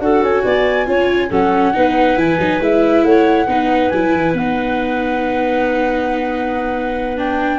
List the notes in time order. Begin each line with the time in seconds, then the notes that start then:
0.00 D4 F#4 A4 F#5
0.22 C#4 G#5
0.44 B3 D5
0.86 C#4 F4 C#5
1.29 F#3 C#4 A4 F#5
1.74 B3 D#4 B4
2.16 E3 E4 G#5
2.39 F#3 D#4
2.60 G#3 E4 E5
3.04 A3 C#5 F#5
3.46 B3 D#4 B4
3.89 F#3 E4 G#5
4.13 E3
4.33 B3 D#4 F#5
7.17 D4 G5